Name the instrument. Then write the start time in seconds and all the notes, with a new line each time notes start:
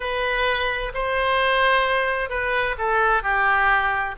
oboe
0.00 B4
0.94 C5
2.29 B4
2.78 A4
3.22 G4